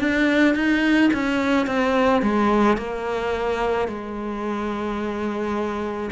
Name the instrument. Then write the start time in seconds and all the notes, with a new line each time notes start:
cello
0.00 D4
0.56 D#4
1.14 C#4
1.67 C4
2.23 G#3
2.78 A#3
3.88 G#3